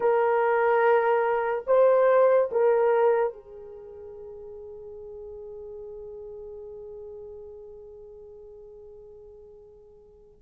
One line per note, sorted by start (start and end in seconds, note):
0.00 1.64 A#4
1.66 2.50 C5
2.51 3.33 A#4
3.33 10.41 G#4